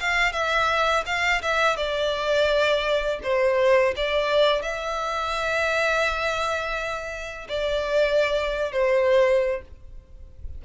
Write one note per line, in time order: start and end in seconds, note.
0.00 0.33 F5
0.33 1.04 E5
1.06 1.42 F5
1.42 1.77 E5
1.77 3.20 D5
3.23 3.94 C5
3.96 4.62 D5
4.62 7.48 E5
7.49 8.72 D5
8.72 9.62 C5